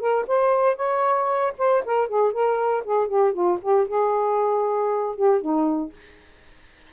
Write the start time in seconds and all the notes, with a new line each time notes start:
0.00 A#4
0.28 C5
0.76 C#5
1.58 C5
1.86 A#4
2.08 G#4
2.33 A#4
2.85 G#4
3.08 G4
3.33 F4
3.62 G4
3.88 G#4
5.16 G4
5.41 D#4